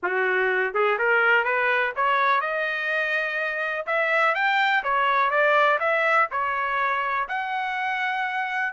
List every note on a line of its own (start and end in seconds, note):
0.02 0.74 F#4
0.74 0.98 G#4
0.98 1.44 A#4
1.44 1.92 B4
1.96 2.40 C#5
2.40 3.86 D#5
3.86 4.35 E5
4.35 4.83 G5
4.83 5.30 C#5
5.30 5.78 D5
5.79 6.28 E5
6.31 7.28 C#5
7.28 8.73 F#5